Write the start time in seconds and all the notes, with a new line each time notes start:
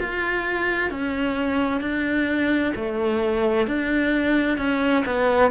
0.00 F4
0.91 C#4
1.81 D4
2.76 A3
3.67 D4
4.58 C#4
5.06 B3